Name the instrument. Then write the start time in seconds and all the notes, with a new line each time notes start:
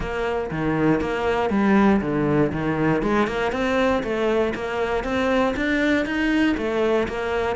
cello
0.00 A#3
0.50 D#3
1.00 A#3
1.50 G3
2.01 D3
2.52 D#3
3.02 G#3
3.27 A#3
3.52 C4
4.03 A3
4.54 A#3
5.04 C4
5.56 D4
6.05 D#4
6.57 A3
7.07 A#3